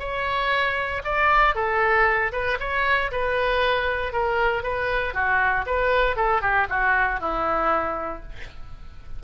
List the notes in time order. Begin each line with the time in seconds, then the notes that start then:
0.00 C#5
1.05 D5
1.55 A4
2.33 B4
2.60 C#5
3.12 B4
4.13 A#4
4.63 B4
5.14 F#4
5.67 B4
6.17 A4
6.42 G4
6.70 F#4
7.21 E4